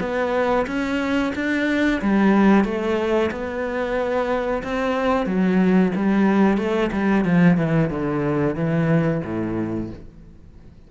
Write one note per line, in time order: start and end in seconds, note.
0.00 0.66 B3
0.67 1.33 C#4
1.35 2.01 D4
2.01 2.64 G3
2.64 3.30 A3
3.31 4.63 B3
4.63 5.26 C4
5.26 5.92 F#3
5.96 6.58 G3
6.58 6.91 A3
6.92 7.25 G3
7.25 7.57 F3
7.57 7.90 E3
7.90 8.55 D3
8.55 9.21 E3
9.24 9.90 A2